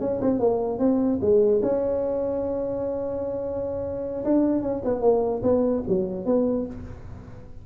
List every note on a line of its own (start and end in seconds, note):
0.00 0.20 C#4
0.21 0.39 C4
0.39 0.79 A#3
0.79 1.19 C4
1.21 1.61 G#3
1.62 4.24 C#4
4.24 4.62 D4
4.62 4.82 C#4
4.84 5.01 B3
5.01 5.41 A#3
5.42 5.83 B3
5.88 6.25 F#3
6.25 6.66 B3